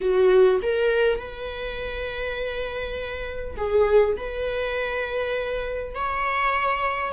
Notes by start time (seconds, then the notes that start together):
0.01 F#4
0.62 A#4
1.19 B4
3.56 G#4
4.16 B4
5.95 C#5